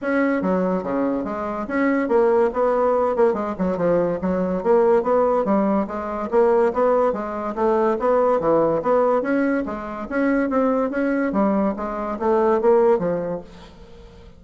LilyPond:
\new Staff \with { instrumentName = "bassoon" } { \time 4/4 \tempo 4 = 143 cis'4 fis4 cis4 gis4 | cis'4 ais4 b4. ais8 | gis8 fis8 f4 fis4 ais4 | b4 g4 gis4 ais4 |
b4 gis4 a4 b4 | e4 b4 cis'4 gis4 | cis'4 c'4 cis'4 g4 | gis4 a4 ais4 f4 | }